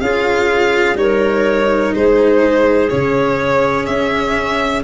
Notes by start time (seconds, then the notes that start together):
0.00 C#4 F4 G#4 F5
0.94 G3 D#4 A#4 C#5
1.95 G#3 G#4 C5
2.90 C#3 C#4 C#5
3.86 C#4 E5